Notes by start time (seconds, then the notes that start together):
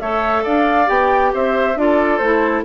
0.00 A3 A4 C#5 E5
0.44 D4 D5 F5
0.86 B3 G4 G5
1.34 C4 C5 E5
1.76 D4 F4 A4 D5
2.18 A3 E4 C5